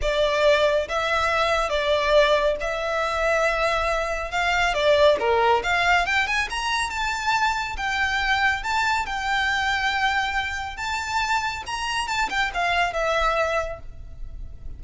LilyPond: \new Staff \with { instrumentName = "violin" } { \time 4/4 \tempo 4 = 139 d''2 e''2 | d''2 e''2~ | e''2 f''4 d''4 | ais'4 f''4 g''8 gis''8 ais''4 |
a''2 g''2 | a''4 g''2.~ | g''4 a''2 ais''4 | a''8 g''8 f''4 e''2 | }